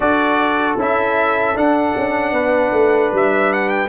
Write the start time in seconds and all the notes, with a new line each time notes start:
0.00 D4 F#4 A4 D5
0.77 C#4 E4 E5
1.54 D4 F#5
1.97 C#4
2.32 B3 B4
2.71 A3
3.12 G3 E5
3.52 F#5
3.68 G5